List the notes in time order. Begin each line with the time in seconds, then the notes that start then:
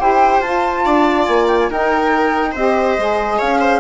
0.00 E4 G4 C5 G5
0.39 F4 A5
0.85 D4 D5
1.26 A#3 G#5
1.48 G5
1.59 G#5
1.70 D#4 A#4 G5
2.52 C4 G4 C5 D#5
2.98 G#3 G#4
3.38 C#4 C#5 F5
3.60 C5